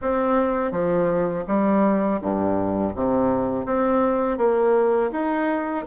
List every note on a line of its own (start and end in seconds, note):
0.01 0.72 C4
0.72 1.45 F3
1.47 2.20 G3
2.21 2.94 G2
2.95 3.65 C3
3.65 4.37 C4
4.37 5.10 A#3
5.11 5.84 D#4